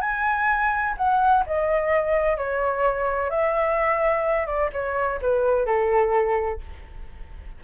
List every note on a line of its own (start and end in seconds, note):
0.00 0.94 G#5
0.97 1.44 F#5
1.46 2.37 D#5
2.37 3.29 C#5
3.29 4.46 E5
4.46 4.70 D5
4.73 5.20 C#5
5.21 5.65 B4
5.65 6.60 A4